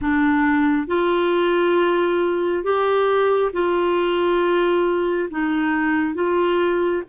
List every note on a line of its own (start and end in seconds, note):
0.01 0.87 D4
0.87 2.63 F4
2.63 3.51 G4
3.53 5.29 F4
5.30 6.14 D#4
6.14 7.02 F4